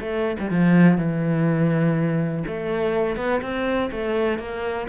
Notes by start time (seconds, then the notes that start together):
0.00 A3
0.39 G3
0.50 F3
0.97 E3
2.47 A3
3.16 B3
3.41 C4
3.91 A3
4.39 A#3